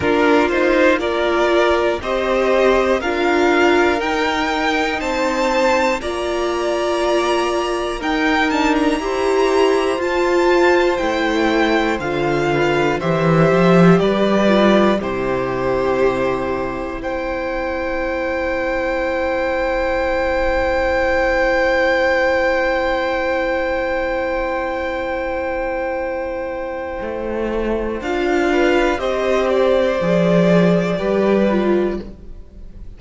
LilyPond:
<<
  \new Staff \with { instrumentName = "violin" } { \time 4/4 \tempo 4 = 60 ais'8 c''8 d''4 dis''4 f''4 | g''4 a''4 ais''2 | g''8 a''16 ais''4~ ais''16 a''4 g''4 | f''4 e''4 d''4 c''4~ |
c''4 g''2.~ | g''1~ | g''1 | f''4 dis''8 d''2~ d''8 | }
  \new Staff \with { instrumentName = "violin" } { \time 4/4 f'4 ais'4 c''4 ais'4~ | ais'4 c''4 d''2 | ais'4 c''2.~ | c''8 b'8 c''4 b'4 g'4~ |
g'4 c''2.~ | c''1~ | c''1~ | c''8 b'8 c''2 b'4 | }
  \new Staff \with { instrumentName = "viola" } { \time 4/4 d'8 dis'8 f'4 g'4 f'4 | dis'2 f'2 | dis'8 d'8 g'4 f'4 e'4 | f'4 g'4. f'8 e'4~ |
e'1~ | e'1~ | e'1 | f'4 g'4 gis'4 g'8 f'8 | }
  \new Staff \with { instrumentName = "cello" } { \time 4/4 ais2 c'4 d'4 | dis'4 c'4 ais2 | dis'4 e'4 f'4 a4 | d4 e8 f8 g4 c4~ |
c4 c'2.~ | c'1~ | c'2. a4 | d'4 c'4 f4 g4 | }
>>